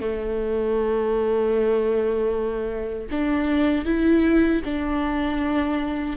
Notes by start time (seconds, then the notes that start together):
0.00 A3
3.11 D4
3.85 E4
4.65 D4